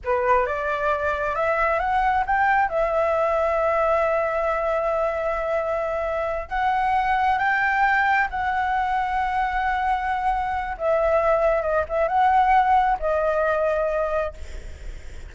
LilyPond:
\new Staff \with { instrumentName = "flute" } { \time 4/4 \tempo 4 = 134 b'4 d''2 e''4 | fis''4 g''4 e''2~ | e''1~ | e''2~ e''8 fis''4.~ |
fis''8 g''2 fis''4.~ | fis''1 | e''2 dis''8 e''8 fis''4~ | fis''4 dis''2. | }